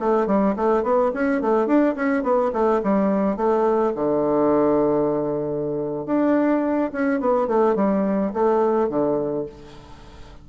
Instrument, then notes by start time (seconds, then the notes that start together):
bassoon
0.00 A3
0.27 G3
0.56 A3
0.83 B3
1.14 C#4
1.42 A3
1.67 D4
1.96 C#4
2.23 B3
2.53 A3
2.84 G3
3.37 A3
3.95 D3
6.06 D4
6.93 C#4
7.20 B3
7.48 A3
7.76 G3
8.34 A3
8.89 D3